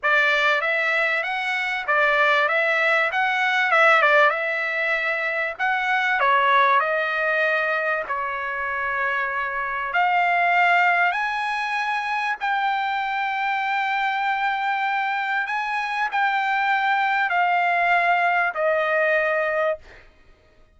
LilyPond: \new Staff \with { instrumentName = "trumpet" } { \time 4/4 \tempo 4 = 97 d''4 e''4 fis''4 d''4 | e''4 fis''4 e''8 d''8 e''4~ | e''4 fis''4 cis''4 dis''4~ | dis''4 cis''2. |
f''2 gis''2 | g''1~ | g''4 gis''4 g''2 | f''2 dis''2 | }